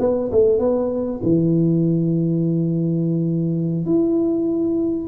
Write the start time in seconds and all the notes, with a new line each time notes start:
0.00 B3
0.32 A3
0.59 B3
1.23 E3
3.86 E4